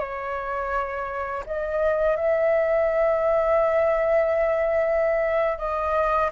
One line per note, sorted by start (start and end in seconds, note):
0.00 1.45 C#5
1.47 2.17 D#5
2.17 5.59 E5
5.59 6.31 D#5